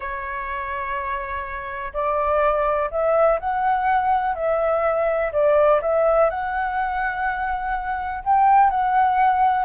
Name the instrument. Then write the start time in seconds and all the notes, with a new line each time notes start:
flute
0.00 C#5
1.93 D5
2.90 E5
3.39 F#5
4.35 E5
5.32 D5
5.81 E5
6.30 F#5
8.24 G5
8.70 F#5